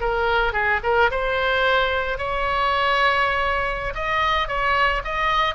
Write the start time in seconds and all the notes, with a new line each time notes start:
0.00 A#4
0.53 G#4
0.83 A#4
1.10 C5
2.18 C#5
3.94 D#5
4.47 C#5
5.04 D#5